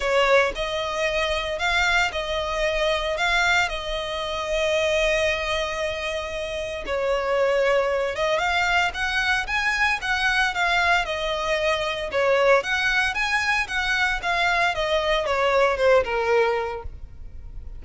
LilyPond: \new Staff \with { instrumentName = "violin" } { \time 4/4 \tempo 4 = 114 cis''4 dis''2 f''4 | dis''2 f''4 dis''4~ | dis''1~ | dis''4 cis''2~ cis''8 dis''8 |
f''4 fis''4 gis''4 fis''4 | f''4 dis''2 cis''4 | fis''4 gis''4 fis''4 f''4 | dis''4 cis''4 c''8 ais'4. | }